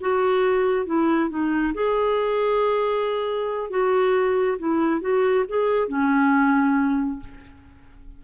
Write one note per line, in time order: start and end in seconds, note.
0.00 0.86 F#4
0.86 1.29 E4
1.29 1.73 D#4
1.73 3.69 G#4
3.69 4.57 F#4
4.58 5.00 E4
5.00 5.44 F#4
5.48 5.88 G#4
5.88 7.19 C#4